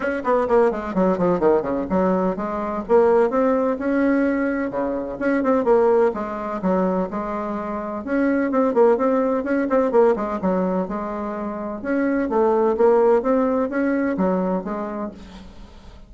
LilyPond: \new Staff \with { instrumentName = "bassoon" } { \time 4/4 \tempo 4 = 127 cis'8 b8 ais8 gis8 fis8 f8 dis8 cis8 | fis4 gis4 ais4 c'4 | cis'2 cis4 cis'8 c'8 | ais4 gis4 fis4 gis4~ |
gis4 cis'4 c'8 ais8 c'4 | cis'8 c'8 ais8 gis8 fis4 gis4~ | gis4 cis'4 a4 ais4 | c'4 cis'4 fis4 gis4 | }